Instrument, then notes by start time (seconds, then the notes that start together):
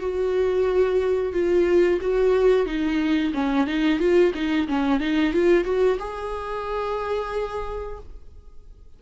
viola
0.00 F#4
1.33 F4
2.01 F#4
2.66 D#4
3.34 C#4
3.67 D#4
3.99 F4
4.34 D#4
4.68 C#4
5.00 D#4
5.33 F4
5.65 F#4
5.99 G#4